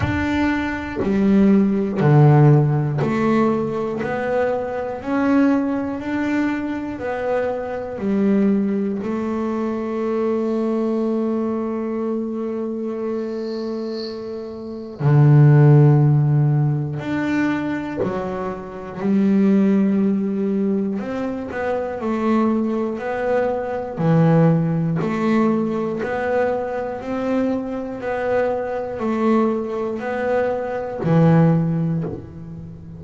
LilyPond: \new Staff \with { instrumentName = "double bass" } { \time 4/4 \tempo 4 = 60 d'4 g4 d4 a4 | b4 cis'4 d'4 b4 | g4 a2.~ | a2. d4~ |
d4 d'4 fis4 g4~ | g4 c'8 b8 a4 b4 | e4 a4 b4 c'4 | b4 a4 b4 e4 | }